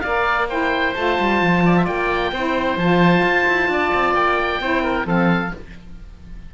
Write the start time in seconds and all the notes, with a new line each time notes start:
0.00 A#3 D5 F5
0.06 A#4
0.48 E4 C5 G5
0.94 A3 F4 A5
1.19 G3
1.41 F3
1.65 D5
1.77 E5
1.84 A#3 D5 G5
2.32 C4 E4 C5
2.77 F3 F4 A5
3.23 F4
3.47 E4
3.68 D4 D5
3.94 C4
4.14 A#3 G5
4.60 C4 E4 C5
4.83 A#4
5.05 F3 C4 A4 F5